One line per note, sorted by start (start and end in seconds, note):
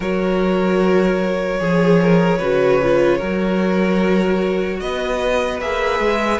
0.00 1.60 F#3
0.00 1.59 F#4
0.00 1.60 A#4
0.00 4.79 C#5
1.59 2.40 F3
1.59 2.39 G#4
1.59 2.00 G#4
2.01 2.38 A#4
2.38 3.21 C#3
2.38 2.81 F#4
2.38 3.17 B4
2.83 3.20 F4
3.17 4.81 F#3
3.17 5.60 F#4
3.17 4.77 A#4
4.79 5.60 B3
4.79 6.39 B4
4.79 5.60 D#5
5.60 5.99 A#3
5.60 6.39 G#4
5.60 6.39 E5
5.99 6.39 G#3